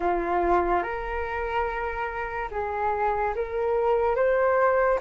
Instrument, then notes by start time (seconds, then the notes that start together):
flute
0.00 F4
0.82 A#4
2.51 G#4
3.35 A#4
4.15 C5